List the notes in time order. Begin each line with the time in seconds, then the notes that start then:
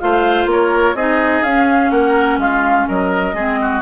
0.00 A3 F4 C5 F5
0.46 A#3 A#4 C#5
0.95 C4 D#4 G#4 D#5
1.43 C#4 F5
1.91 A#3 A#4 F#5
2.38 G#3 F4 F5
2.88 F#3 A#4 D#5
3.34 G#3 C4 G#4
3.62 F#4